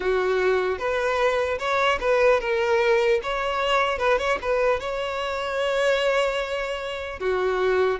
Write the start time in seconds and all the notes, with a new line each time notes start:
0.00 F#4
0.78 B4
1.58 C#5
2.00 B4
2.40 A#4
3.22 C#5
3.98 B4
4.18 C#5
4.41 B4
4.80 C#5
7.19 F#4